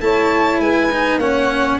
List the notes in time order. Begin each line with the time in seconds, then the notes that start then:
0.00 A3 E4 C#5 A5
0.60 G#3 B4 G#5
0.91 D#4
1.18 A#3 C#4 C#5 F#5